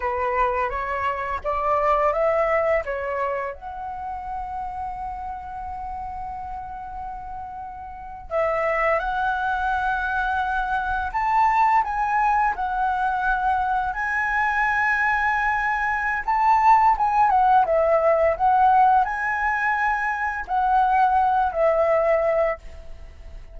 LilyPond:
\new Staff \with { instrumentName = "flute" } { \time 4/4 \tempo 4 = 85 b'4 cis''4 d''4 e''4 | cis''4 fis''2.~ | fis''2.~ fis''8. e''16~ | e''8. fis''2. a''16~ |
a''8. gis''4 fis''2 gis''16~ | gis''2. a''4 | gis''8 fis''8 e''4 fis''4 gis''4~ | gis''4 fis''4. e''4. | }